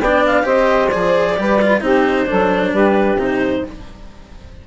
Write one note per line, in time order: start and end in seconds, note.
0.00 0.45 B3
0.00 0.44 D4
0.00 0.45 D5
0.00 0.24 G5
0.26 0.47 F5
0.44 0.91 C4
0.44 0.89 G4
0.44 1.36 C5
0.44 0.90 D#5
0.90 1.39 F3
0.90 1.37 G#4
0.90 1.81 D5
1.37 1.82 G3
1.37 1.60 G4
1.37 1.82 B4
1.62 1.81 F4
1.81 2.27 C4
1.81 2.27 D#4
1.81 2.28 G4
1.81 2.74 C5
2.27 2.74 F#3
2.27 3.18 D4
2.27 2.72 A4
2.72 3.17 G3
2.72 3.63 G4
2.72 3.20 B4
3.17 3.63 C3
3.17 3.64 D#4
3.17 3.67 C5